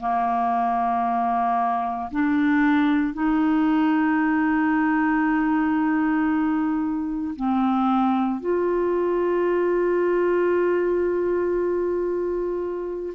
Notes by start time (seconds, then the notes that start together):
0.00 A#3
2.11 D4
3.13 D#4
7.36 C4
8.40 F4